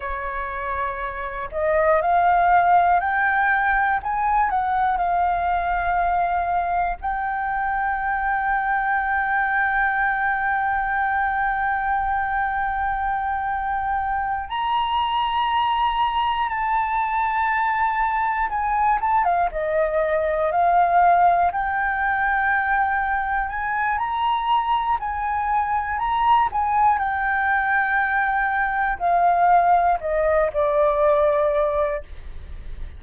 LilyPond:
\new Staff \with { instrumentName = "flute" } { \time 4/4 \tempo 4 = 60 cis''4. dis''8 f''4 g''4 | gis''8 fis''8 f''2 g''4~ | g''1~ | g''2~ g''8 ais''4.~ |
ais''8 a''2 gis''8 a''16 f''16 dis''8~ | dis''8 f''4 g''2 gis''8 | ais''4 gis''4 ais''8 gis''8 g''4~ | g''4 f''4 dis''8 d''4. | }